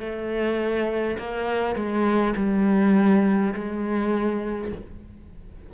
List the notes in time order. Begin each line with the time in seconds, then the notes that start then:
0.00 A3
1.18 A#3
1.75 G#3
2.36 G3
3.55 G#3